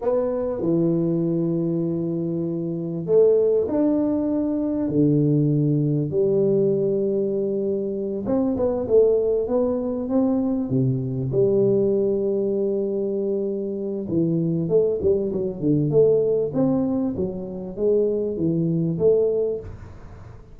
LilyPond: \new Staff \with { instrumentName = "tuba" } { \time 4/4 \tempo 4 = 98 b4 e2.~ | e4 a4 d'2 | d2 g2~ | g4. c'8 b8 a4 b8~ |
b8 c'4 c4 g4.~ | g2. e4 | a8 g8 fis8 d8 a4 c'4 | fis4 gis4 e4 a4 | }